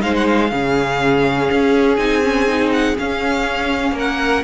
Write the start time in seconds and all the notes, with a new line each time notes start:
0.00 G#3 D#4 C5 F5
0.16 F#5
0.27 F5
0.51 C#3 C#4 G#4
1.51 C#4
1.96 C4 D#4 G#5
2.23 C#4
2.47 D#4
2.72 F#5
2.97 C#4 F5
3.92 A#3 A#4
3.99 F#5